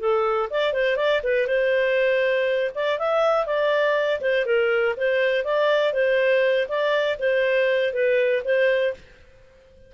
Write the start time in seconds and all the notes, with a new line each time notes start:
0.00 A4
0.50 D5
0.74 C5
0.97 D5
1.24 B4
1.48 C5
2.75 D5
2.99 E5
3.46 D5
4.21 C5
4.46 A#4
4.97 C5
5.45 D5
5.93 C5
6.69 D5
7.19 C5
7.94 B4
8.45 C5